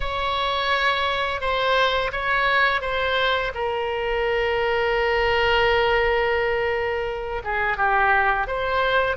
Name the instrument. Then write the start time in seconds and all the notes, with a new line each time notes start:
oboe
0.00 C#5
1.40 C5
2.12 C#5
2.81 C5
3.54 A#4
7.43 G#4
7.77 G4
8.47 C5